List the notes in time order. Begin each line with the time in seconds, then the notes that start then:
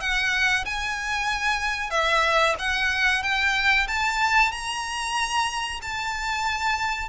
0.00 F#5
0.65 G#5
1.90 E5
2.58 F#5
3.22 G5
3.87 A5
4.51 A#5
5.82 A5